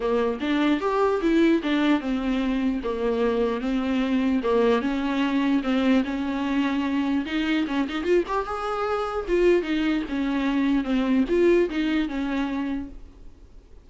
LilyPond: \new Staff \with { instrumentName = "viola" } { \time 4/4 \tempo 4 = 149 ais4 d'4 g'4 e'4 | d'4 c'2 ais4~ | ais4 c'2 ais4 | cis'2 c'4 cis'4~ |
cis'2 dis'4 cis'8 dis'8 | f'8 g'8 gis'2 f'4 | dis'4 cis'2 c'4 | f'4 dis'4 cis'2 | }